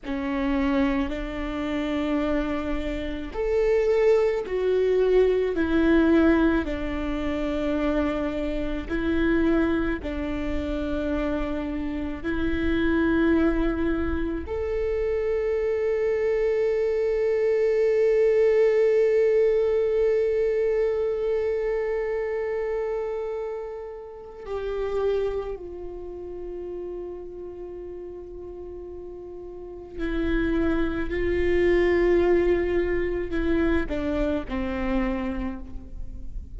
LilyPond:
\new Staff \with { instrumentName = "viola" } { \time 4/4 \tempo 4 = 54 cis'4 d'2 a'4 | fis'4 e'4 d'2 | e'4 d'2 e'4~ | e'4 a'2.~ |
a'1~ | a'2 g'4 f'4~ | f'2. e'4 | f'2 e'8 d'8 c'4 | }